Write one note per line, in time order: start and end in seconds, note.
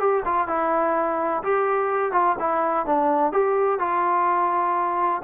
0.00 0.24 G4
0.26 0.48 F4
0.48 1.43 E4
1.44 2.13 G4
2.13 2.36 F4
2.39 2.86 E4
2.86 3.33 D4
3.33 3.79 G4
3.79 5.22 F4